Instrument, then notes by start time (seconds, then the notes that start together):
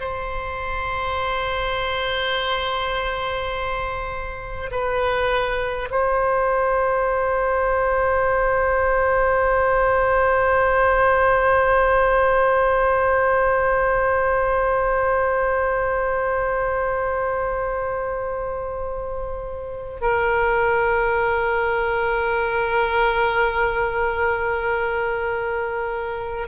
oboe
0.00 C5
4.71 B4
5.90 C5
20.01 A#4